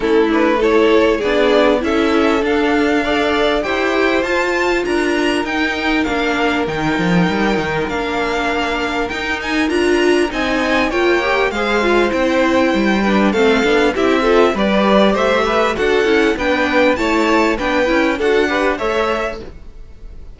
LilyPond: <<
  \new Staff \with { instrumentName = "violin" } { \time 4/4 \tempo 4 = 99 a'8 b'8 cis''4 d''4 e''4 | f''2 g''4 a''4 | ais''4 g''4 f''4 g''4~ | g''4 f''2 g''8 gis''8 |
ais''4 gis''4 g''4 f''4 | g''2 f''4 e''4 | d''4 e''4 fis''4 g''4 | a''4 g''4 fis''4 e''4 | }
  \new Staff \with { instrumentName = "violin" } { \time 4/4 e'4 a'4 gis'4 a'4~ | a'4 d''4 c''2 | ais'1~ | ais'1~ |
ais'4 dis''4 cis''4 c''4~ | c''4. b'8 a'4 g'8 a'8 | b'4 c''8 b'8 a'4 b'4 | cis''4 b'4 a'8 b'8 cis''4 | }
  \new Staff \with { instrumentName = "viola" } { \time 4/4 cis'8 d'8 e'4 d'4 e'4 | d'4 a'4 g'4 f'4~ | f'4 dis'4 d'4 dis'4~ | dis'4 d'2 dis'4 |
f'4 dis'4 f'8 g'8 gis'8 f'8 | e'4. d'8 c'8 d'8 e'8 f'8 | g'2 fis'8 e'8 d'4 | e'4 d'8 e'8 fis'8 g'8 a'4 | }
  \new Staff \with { instrumentName = "cello" } { \time 4/4 a2 b4 cis'4 | d'2 e'4 f'4 | d'4 dis'4 ais4 dis8 f8 | g8 dis8 ais2 dis'4 |
d'4 c'4 ais4 gis4 | c'4 g4 a8 b8 c'4 | g4 a4 d'8 cis'8 b4 | a4 b8 cis'8 d'4 a4 | }
>>